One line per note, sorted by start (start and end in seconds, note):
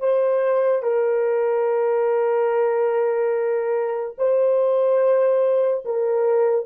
0.00 0.83 C5
0.83 4.16 A#4
4.18 5.84 C5
5.85 6.66 A#4